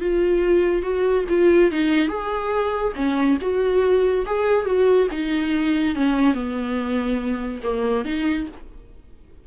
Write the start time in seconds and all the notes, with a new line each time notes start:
0.00 F4
0.83 F#4
1.29 F4
1.71 D#4
2.09 G#4
2.96 C#4
3.41 F#4
4.26 G#4
4.66 F#4
5.11 D#4
5.95 C#4
6.34 B3
7.63 A#3
8.05 D#4